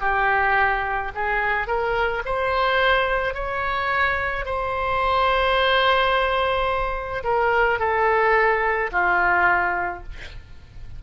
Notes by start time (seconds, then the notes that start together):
0.00 G4
1.14 G#4
1.67 A#4
2.25 C5
3.34 C#5
4.45 C5
7.23 A#4
7.79 A4
8.91 F4